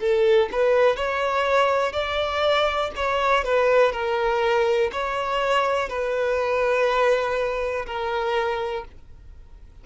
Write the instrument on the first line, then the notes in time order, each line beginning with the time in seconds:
violin
0.00 A4
0.52 B4
0.96 C#5
1.93 D5
2.96 C#5
3.44 B4
3.93 A#4
4.92 C#5
5.89 B4
7.86 A#4